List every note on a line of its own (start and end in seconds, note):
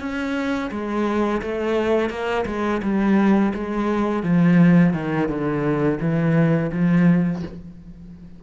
0.00 0.71 C#4
0.71 1.42 G#3
1.42 2.10 A3
2.10 2.45 A#3
2.46 2.82 G#3
2.83 3.53 G3
3.54 4.24 G#3
4.24 4.93 F3
4.93 5.29 D#3
5.29 5.99 D3
6.01 6.72 E3
6.72 7.43 F3